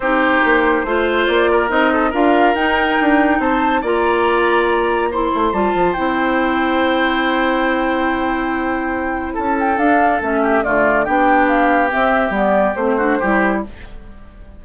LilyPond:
<<
  \new Staff \with { instrumentName = "flute" } { \time 4/4 \tempo 4 = 141 c''2. d''4 | dis''4 f''4 g''2 | a''4 ais''2. | c'''4 a''4 g''2~ |
g''1~ | g''2 a''8 g''8 f''4 | e''4 d''4 g''4 f''4 | e''4 d''4 c''2 | }
  \new Staff \with { instrumentName = "oboe" } { \time 4/4 g'2 c''4. ais'8~ | ais'8 a'8 ais'2. | c''4 d''2. | c''1~ |
c''1~ | c''2 a'2~ | a'8 g'8 f'4 g'2~ | g'2~ g'8 fis'8 g'4 | }
  \new Staff \with { instrumentName = "clarinet" } { \time 4/4 dis'2 f'2 | dis'4 f'4 dis'2~ | dis'4 f'2. | e'4 f'4 e'2~ |
e'1~ | e'2. d'4 | cis'4 a4 d'2 | c'4 b4 c'8 d'8 e'4 | }
  \new Staff \with { instrumentName = "bassoon" } { \time 4/4 c'4 ais4 a4 ais4 | c'4 d'4 dis'4 d'4 | c'4 ais2.~ | ais8 a8 g8 f8 c'2~ |
c'1~ | c'2 cis'4 d'4 | a4 d4 b2 | c'4 g4 a4 g4 | }
>>